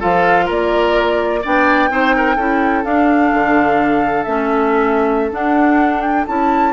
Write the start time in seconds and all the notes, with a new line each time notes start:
0.00 F3 F4 A4 F5
0.45 A#3 A#4 D5
1.42 B3 D4 D5 G5
1.90 C4 D#4 C5
2.16 A#4
2.36 C#4 E4 A4
2.84 D4 F5
3.33 D3
4.24 A3 C#4 E5
5.31 D4 F#5
6.02 G5
6.27 C#4 E4 A5